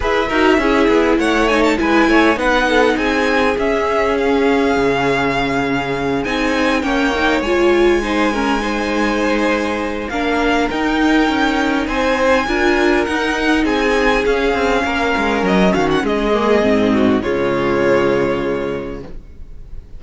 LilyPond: <<
  \new Staff \with { instrumentName = "violin" } { \time 4/4 \tempo 4 = 101 e''2 fis''8 gis''16 a''16 gis''4 | fis''4 gis''4 e''4 f''4~ | f''2~ f''8 gis''4 g''8~ | g''8 gis''2.~ gis''8~ |
gis''4 f''4 g''2 | gis''2 fis''4 gis''4 | f''2 dis''8 f''16 fis''16 dis''4~ | dis''4 cis''2. | }
  \new Staff \with { instrumentName = "violin" } { \time 4/4 b'8 ais'8 gis'4 cis''4 b'8 cis''8 | b'8 a'8 gis'2.~ | gis'2.~ gis'8 cis''8~ | cis''4. c''8 ais'8 c''4.~ |
c''4 ais'2. | c''4 ais'2 gis'4~ | gis'4 ais'4. fis'8 gis'4~ | gis'8 fis'8 f'2. | }
  \new Staff \with { instrumentName = "viola" } { \time 4/4 gis'8 fis'8 e'4. dis'8 e'4 | dis'2 cis'2~ | cis'2~ cis'8 dis'4 cis'8 | dis'8 f'4 dis'8 cis'8 dis'4.~ |
dis'4 d'4 dis'2~ | dis'4 f'4 dis'2 | cis'2.~ cis'8 ais8 | c'4 gis2. | }
  \new Staff \with { instrumentName = "cello" } { \time 4/4 e'8 dis'8 cis'8 b8 a4 gis8 a8 | b4 c'4 cis'2 | cis2~ cis8 c'4 ais8~ | ais8 gis2.~ gis8~ |
gis4 ais4 dis'4 cis'4 | c'4 d'4 dis'4 c'4 | cis'8 c'8 ais8 gis8 fis8 dis8 gis4 | gis,4 cis2. | }
>>